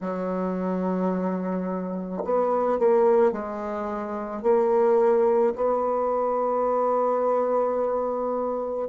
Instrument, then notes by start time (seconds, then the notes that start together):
bassoon
0.01 F#3
2.24 B3
2.78 A#3
3.32 G#3
4.42 A#3
5.55 B3